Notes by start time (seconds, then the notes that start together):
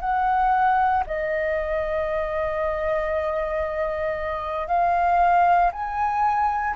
0.00 F#5
1.06 D#5
4.67 F5
5.72 G#5